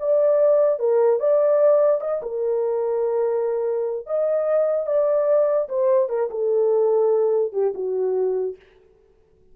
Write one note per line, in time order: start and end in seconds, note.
0.00 0.79 D5
0.79 1.20 A#4
1.20 2.01 D5
2.01 2.22 D#5
2.23 4.07 A#4
4.07 4.87 D#5
4.87 5.68 D5
5.69 6.10 C5
6.10 6.30 A#4
6.31 7.53 A4
7.53 7.73 G4
7.75 8.56 F#4